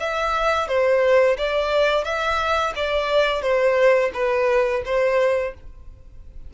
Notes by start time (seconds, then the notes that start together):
0.00 E5
0.68 C5
1.38 D5
2.05 E5
2.76 D5
3.42 C5
4.14 B4
4.86 C5